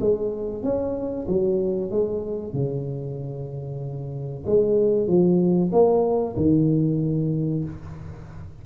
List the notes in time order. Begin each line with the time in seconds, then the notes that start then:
0.00 G#3
0.63 C#4
1.27 F#3
1.90 G#3
2.53 C#3
4.46 G#3
5.07 F3
5.72 A#3
6.36 D#3